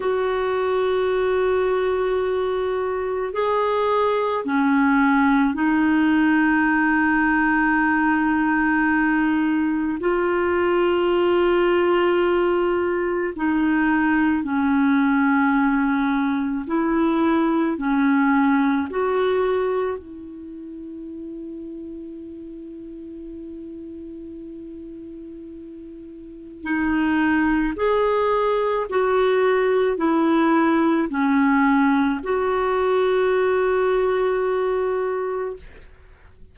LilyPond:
\new Staff \with { instrumentName = "clarinet" } { \time 4/4 \tempo 4 = 54 fis'2. gis'4 | cis'4 dis'2.~ | dis'4 f'2. | dis'4 cis'2 e'4 |
cis'4 fis'4 e'2~ | e'1 | dis'4 gis'4 fis'4 e'4 | cis'4 fis'2. | }